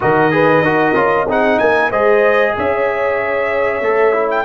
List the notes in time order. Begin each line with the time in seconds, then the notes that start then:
0.00 D#3 F#4 A#4 D#5
0.31 G#4 B4
0.61 D#4 F#4 A#4
0.94 C#4 F4
1.27 C4 D#4 G#4 F#5
1.58 A#3 A#4 G#5
1.89 G#3 G#4 C5 D#5
2.57 C#4 C#5 E5
3.81 A3 A4
4.13 E4
4.31 G5